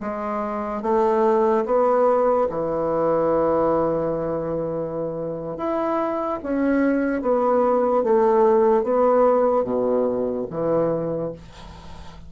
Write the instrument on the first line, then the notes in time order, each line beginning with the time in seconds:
bassoon
0.00 G#3
0.82 A3
1.65 B3
2.49 E3
5.57 E4
6.43 C#4
7.21 B3
8.03 A3
8.83 B3
9.64 B2
10.50 E3